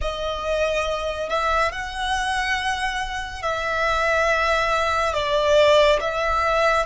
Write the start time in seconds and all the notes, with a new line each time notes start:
0.01 D#5
1.29 E5
1.72 F#5
3.42 E5
5.14 D5
6.00 E5